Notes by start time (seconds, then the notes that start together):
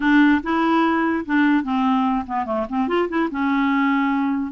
0.00 D4
0.43 E4
1.25 D4
1.63 C4
2.26 B3
2.45 A3
2.69 C4
2.87 F4
3.08 E4
3.31 C#4